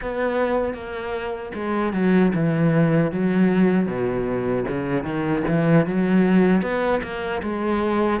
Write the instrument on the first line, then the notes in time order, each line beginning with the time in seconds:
cello
0.01 B3
0.74 A#3
1.54 G#3
1.93 F#3
2.34 E3
3.11 F#3
3.86 B2
4.68 C#3
5.03 D#3
5.48 E3
5.86 F#3
6.62 B3
7.02 A#3
7.42 G#3